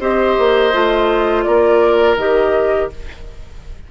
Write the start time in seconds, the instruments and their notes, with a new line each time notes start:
0.00 bassoon C4, clarinet G4, oboe C5, flute D#5
0.38 bassoon A#3
0.73 bassoon A3, clarinet F4
1.43 bassoon A#3, oboe A#4, flute D5
2.16 bassoon D#3, clarinet G4, flute D#5